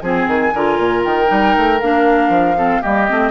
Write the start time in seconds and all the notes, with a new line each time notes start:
0.00 F3 C4 G#4 G#5
0.28 D#3
0.54 D3 F4 A#4
0.78 A#2
1.04 D#3 G5
1.26 G3 D#4
1.56 A3
1.81 A#3 D4 F5
2.29 F3
2.57 C4 A4
2.81 G3 A#3 G4 D#5
3.08 A3 C4